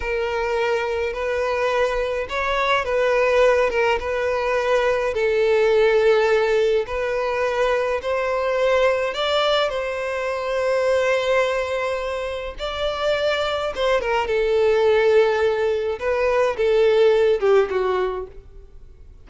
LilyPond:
\new Staff \with { instrumentName = "violin" } { \time 4/4 \tempo 4 = 105 ais'2 b'2 | cis''4 b'4. ais'8 b'4~ | b'4 a'2. | b'2 c''2 |
d''4 c''2.~ | c''2 d''2 | c''8 ais'8 a'2. | b'4 a'4. g'8 fis'4 | }